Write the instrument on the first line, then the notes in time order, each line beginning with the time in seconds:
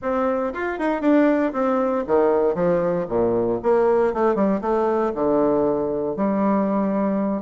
bassoon
0.02 C4
0.53 F4
0.78 D#4
1.01 D4
1.52 C4
2.07 D#3
2.54 F3
3.08 A#2
3.62 A#3
4.13 A3
4.35 G3
4.61 A3
5.14 D3
6.16 G3